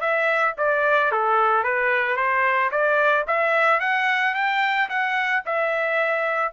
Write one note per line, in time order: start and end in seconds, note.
0.00 0.54 E5
0.57 1.11 D5
1.11 1.63 A4
1.63 2.16 B4
2.16 2.70 C5
2.71 3.25 D5
3.27 3.80 E5
3.80 4.34 F#5
4.34 4.88 G5
4.89 5.43 F#5
5.45 6.52 E5